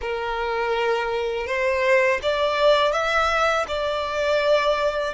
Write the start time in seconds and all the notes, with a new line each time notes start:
0.01 A#4
1.46 C5
2.22 D5
2.92 E5
3.68 D5